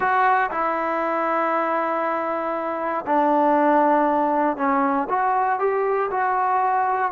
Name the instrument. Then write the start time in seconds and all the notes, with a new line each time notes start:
trombone
0.00 F#4
0.50 E4
3.06 D4
4.56 C#4
5.09 F#4
5.59 G4
6.10 F#4